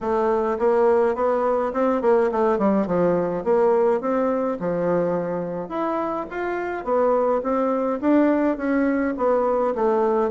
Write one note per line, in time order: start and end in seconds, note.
0.00 0.57 A3
0.58 1.15 A#3
1.15 1.72 B3
1.73 2.01 C4
2.01 2.30 A#3
2.31 2.58 A3
2.58 2.86 G3
2.86 3.44 F3
3.44 4.01 A#3
4.01 4.58 C4
4.59 5.69 F3
5.69 6.26 E4
6.30 6.84 F4
6.84 7.41 B3
7.43 8.00 C4
8.00 8.57 D4
8.57 9.14 C#4
9.17 9.74 B3
9.75 10.30 A3